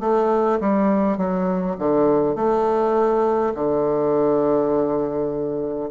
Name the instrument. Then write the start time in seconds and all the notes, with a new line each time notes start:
bassoon
0.00 A3
0.60 G3
1.17 F#3
1.79 D3
2.35 A3
3.54 D3